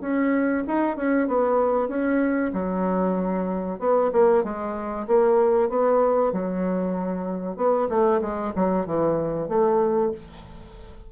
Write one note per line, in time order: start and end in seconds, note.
0.00 0.63 C#4
0.67 0.96 D#4
0.96 1.27 C#4
1.27 1.88 B3
1.88 2.51 C#4
2.53 3.79 F#3
3.79 4.10 B3
4.12 4.43 A#3
4.43 5.06 G#3
5.07 5.69 A#3
5.69 6.32 B3
6.32 7.56 F#3
7.56 7.88 B3
7.89 8.20 A3
8.21 8.52 G#3
8.55 8.86 F#3
8.86 9.48 E3
9.48 10.11 A3